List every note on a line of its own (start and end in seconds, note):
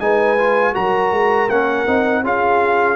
0.00 0.75 G#3
0.00 0.38 D#4
0.00 0.73 B4
0.00 0.75 G#5
0.38 0.74 F4
0.73 1.12 F#3
0.73 1.49 F#4
0.73 2.23 A#4
0.73 1.50 A#5
1.12 1.49 G#3
1.49 1.86 A#3
1.49 1.87 C#4
1.49 2.25 F#5
1.87 2.24 C4
1.87 2.24 D#4
2.24 2.97 C#4
2.24 2.97 F4
2.24 2.97 G#4
2.24 2.97 F5